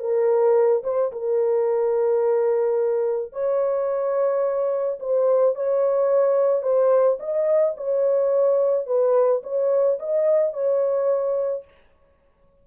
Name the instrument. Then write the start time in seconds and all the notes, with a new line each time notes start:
horn
0.00 A#4
0.84 C5
1.13 A#4
3.33 C#5
5.00 C5
5.56 C#5
6.63 C5
7.20 D#5
7.77 C#5
8.87 B4
9.44 C#5
10.00 D#5
10.54 C#5